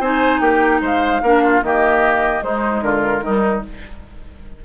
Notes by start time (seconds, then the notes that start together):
0.00 C4 D#4 C5 G#5
0.40 A#3 G4 G5
0.81 G#3 C5 F5
1.22 A#3 D4 A#4
1.43 F4
1.63 D#3 A#3 G4 D#5
2.42 G#3 D#4 C5
2.81 D3 F4 A#4
3.21 D#3 G3 D#4